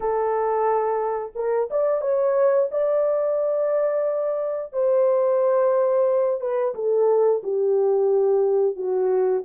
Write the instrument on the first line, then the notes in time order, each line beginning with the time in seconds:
horn
0.00 A4
1.35 A#4
1.70 D5
2.01 C#5
2.71 D5
4.73 C5
6.40 B4
6.74 A4
7.43 G4
8.75 F#4